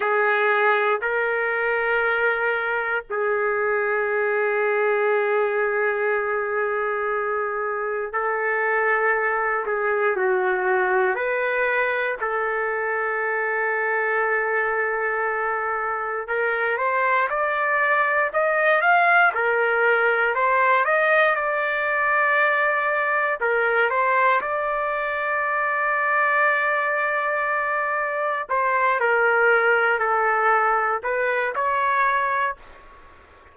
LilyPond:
\new Staff \with { instrumentName = "trumpet" } { \time 4/4 \tempo 4 = 59 gis'4 ais'2 gis'4~ | gis'1 | a'4. gis'8 fis'4 b'4 | a'1 |
ais'8 c''8 d''4 dis''8 f''8 ais'4 | c''8 dis''8 d''2 ais'8 c''8 | d''1 | c''8 ais'4 a'4 b'8 cis''4 | }